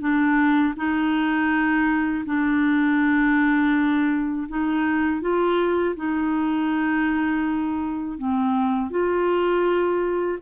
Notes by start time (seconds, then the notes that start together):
0.00 D4
0.76 D#4
2.26 D4
4.49 D#4
5.22 F4
5.96 D#4
8.18 C4
8.91 F4